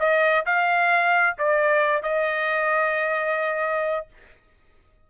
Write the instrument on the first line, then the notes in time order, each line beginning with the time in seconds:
trumpet
0.00 D#5
0.46 F5
1.38 D5
2.03 D#5